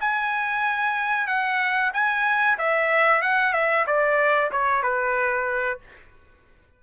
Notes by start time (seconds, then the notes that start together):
0.00 G#5
1.26 F#5
1.93 G#5
2.58 E5
3.21 F#5
3.52 E5
3.86 D5
4.51 C#5
4.82 B4